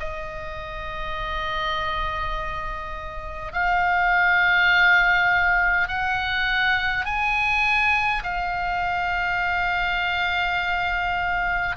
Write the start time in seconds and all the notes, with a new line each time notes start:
0.00 D#5
3.53 F5
5.89 F#5
7.06 G#5
8.24 F5